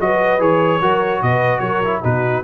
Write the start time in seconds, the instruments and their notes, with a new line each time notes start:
0.00 tuba F#3, trombone F#4, horn B4, trumpet D#5
0.39 tuba E3, trombone G#4, trumpet C#5
0.81 tuba F#3, trombone F#4, horn A#4
1.22 tuba B2, horn B4, trumpet D#5
1.59 tuba F#3, horn A#4, trumpet C#5
1.84 trombone E4
2.03 tuba B2, trombone D#4, horn F#4, trumpet B4